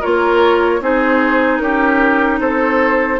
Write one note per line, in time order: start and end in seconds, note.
0.00 0.80 A#3
0.00 0.81 F4
0.00 0.80 A#4
0.00 0.83 C#5
0.80 1.60 C4
0.80 3.20 D#4
0.80 1.62 G#4
0.80 1.58 C5
1.58 2.39 C#4
1.58 2.40 G4
1.58 2.38 A#4
2.39 3.19 C4
2.39 3.20 A4
2.39 3.20 C5